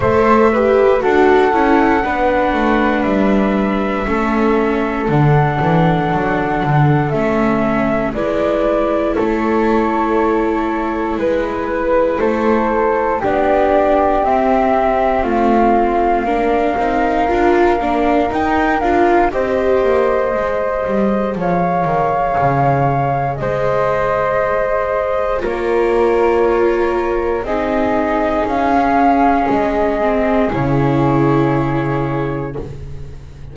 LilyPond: <<
  \new Staff \with { instrumentName = "flute" } { \time 4/4 \tempo 4 = 59 e''4 fis''2 e''4~ | e''4 fis''2 e''4 | d''4 cis''2 b'4 | c''4 d''4 e''4 f''4~ |
f''2 g''8 f''8 dis''4~ | dis''4 f''2 dis''4~ | dis''4 cis''2 dis''4 | f''4 dis''4 cis''2 | }
  \new Staff \with { instrumentName = "flute" } { \time 4/4 c''8 b'8 a'4 b'2 | a'1 | b'4 a'2 b'4 | a'4 g'2 f'4 |
ais'2. c''4~ | c''4 cis''2 c''4~ | c''4 ais'2 gis'4~ | gis'1 | }
  \new Staff \with { instrumentName = "viola" } { \time 4/4 a'8 g'8 fis'8 e'8 d'2 | cis'4 d'2 cis'4 | e'1~ | e'4 d'4 c'2 |
d'8 dis'8 f'8 d'8 dis'8 f'8 g'4 | gis'1~ | gis'4 f'2 dis'4~ | dis'16 cis'4~ cis'16 c'8 e'2 | }
  \new Staff \with { instrumentName = "double bass" } { \time 4/4 a4 d'8 cis'8 b8 a8 g4 | a4 d8 e8 fis8 d8 a4 | gis4 a2 gis4 | a4 b4 c'4 a4 |
ais8 c'8 d'8 ais8 dis'8 d'8 c'8 ais8 | gis8 g8 f8 dis8 cis4 gis4~ | gis4 ais2 c'4 | cis'4 gis4 cis2 | }
>>